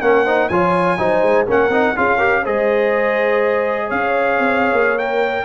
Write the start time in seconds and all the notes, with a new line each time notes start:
0.00 A#3 C#4 A#4 F#5
0.24 D#4 C5
0.49 F3 F4 C#5 G#5
0.98 F#3 D#4 C5
1.23 G#3
1.47 A#3 C#4 A#4 F#5
1.69 C4 D#4
1.97 C#4 F4 G#4 F5
2.17 G4 A#4
2.44 G#3 G#4 C5 D#5
3.87 C#4 C#5 F5
4.39 C4
4.72 A#3
4.99 A#4 G5